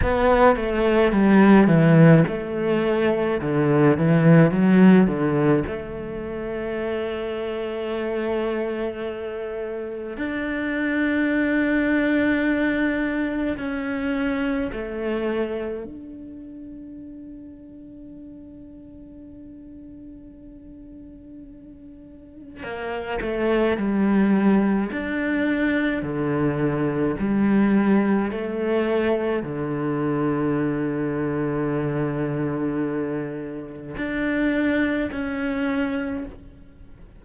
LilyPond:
\new Staff \with { instrumentName = "cello" } { \time 4/4 \tempo 4 = 53 b8 a8 g8 e8 a4 d8 e8 | fis8 d8 a2.~ | a4 d'2. | cis'4 a4 d'2~ |
d'1 | ais8 a8 g4 d'4 d4 | g4 a4 d2~ | d2 d'4 cis'4 | }